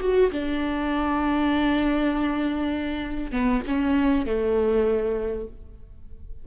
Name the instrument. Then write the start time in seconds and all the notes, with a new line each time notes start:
viola
0.00 F#4
0.31 D4
3.31 B3
3.66 C#4
4.26 A3